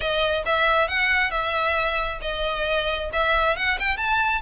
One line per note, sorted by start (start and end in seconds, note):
0.00 0.43 D#5
0.45 0.88 E5
0.88 1.31 F#5
1.31 2.19 E5
2.21 3.10 D#5
3.12 3.56 E5
3.56 3.78 F#5
3.79 3.97 G5
3.97 4.41 A5